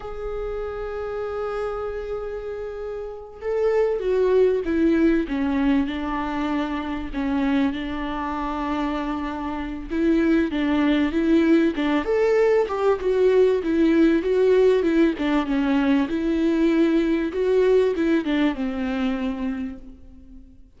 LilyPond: \new Staff \with { instrumentName = "viola" } { \time 4/4 \tempo 4 = 97 gis'1~ | gis'4. a'4 fis'4 e'8~ | e'8 cis'4 d'2 cis'8~ | cis'8 d'2.~ d'8 |
e'4 d'4 e'4 d'8 a'8~ | a'8 g'8 fis'4 e'4 fis'4 | e'8 d'8 cis'4 e'2 | fis'4 e'8 d'8 c'2 | }